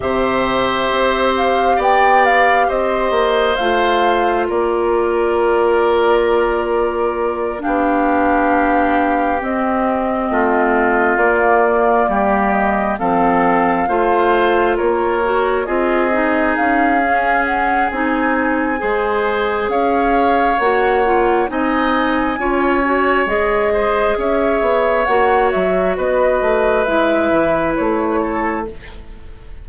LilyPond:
<<
  \new Staff \with { instrumentName = "flute" } { \time 4/4 \tempo 4 = 67 e''4. f''8 g''8 f''8 dis''4 | f''4 d''2.~ | d''8 f''2 dis''4.~ | dis''8 d''4. dis''8 f''4.~ |
f''8 cis''4 dis''4 f''4 fis''8 | gis''2 f''4 fis''4 | gis''2 dis''4 e''4 | fis''8 e''8 dis''4 e''4 cis''4 | }
  \new Staff \with { instrumentName = "oboe" } { \time 4/4 c''2 d''4 c''4~ | c''4 ais'2.~ | ais'8 g'2. f'8~ | f'4. g'4 a'4 c''8~ |
c''8 ais'4 gis'2~ gis'8~ | gis'4 c''4 cis''2 | dis''4 cis''4. c''8 cis''4~ | cis''4 b'2~ b'8 a'8 | }
  \new Staff \with { instrumentName = "clarinet" } { \time 4/4 g'1 | f'1~ | f'8 d'2 c'4.~ | c'8 ais2 c'4 f'8~ |
f'4 fis'8 f'8 dis'4 cis'4 | dis'4 gis'2 fis'8 f'8 | dis'4 f'8 fis'8 gis'2 | fis'2 e'2 | }
  \new Staff \with { instrumentName = "bassoon" } { \time 4/4 c4 c'4 b4 c'8 ais8 | a4 ais2.~ | ais8 b2 c'4 a8~ | a8 ais4 g4 f4 a8~ |
a8 ais4 c'4 cis'4. | c'4 gis4 cis'4 ais4 | c'4 cis'4 gis4 cis'8 b8 | ais8 fis8 b8 a8 gis8 e8 a4 | }
>>